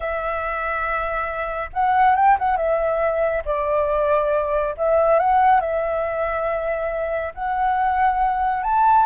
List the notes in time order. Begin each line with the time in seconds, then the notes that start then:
0.00 E5
1.73 F#5
2.15 G5
2.39 F#5
2.56 E5
3.45 D5
4.77 E5
5.19 F#5
5.60 E5
7.34 F#5
8.63 A5